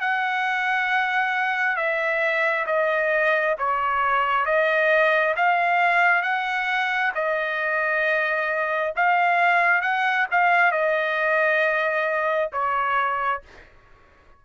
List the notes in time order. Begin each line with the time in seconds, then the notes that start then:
0.00 F#5
1.76 E5
2.66 D#5
3.58 C#5
4.45 D#5
5.36 F5
6.22 F#5
7.14 D#5
8.96 F5
9.81 F#5
10.31 F5
10.71 D#5
12.52 C#5